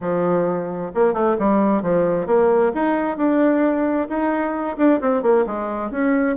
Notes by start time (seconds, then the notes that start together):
0.00 F3
0.94 A#3
1.13 A3
1.38 G3
1.82 F3
2.26 A#3
2.74 D#4
3.17 D4
4.08 D#4
4.77 D4
5.00 C4
5.22 A#3
5.46 G#3
5.90 C#4